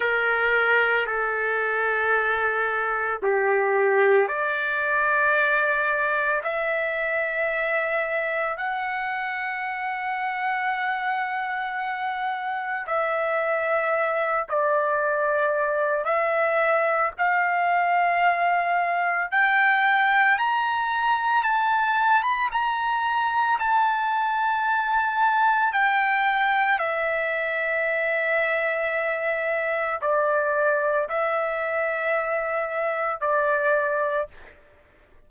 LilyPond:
\new Staff \with { instrumentName = "trumpet" } { \time 4/4 \tempo 4 = 56 ais'4 a'2 g'4 | d''2 e''2 | fis''1 | e''4. d''4. e''4 |
f''2 g''4 ais''4 | a''8. b''16 ais''4 a''2 | g''4 e''2. | d''4 e''2 d''4 | }